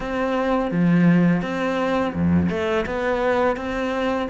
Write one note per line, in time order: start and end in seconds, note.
0.00 0.71 C4
0.71 1.42 F3
1.42 2.13 C4
2.14 2.49 F2
2.49 2.85 A3
2.85 3.56 B3
3.56 4.28 C4